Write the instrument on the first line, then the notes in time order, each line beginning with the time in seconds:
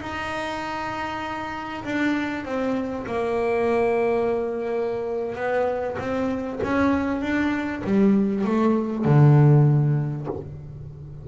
double bass
0.00 D#4
1.84 D4
2.45 C4
3.06 A#3
5.35 B3
5.98 C4
6.63 C#4
7.21 D4
7.84 G3
8.44 A3
9.04 D3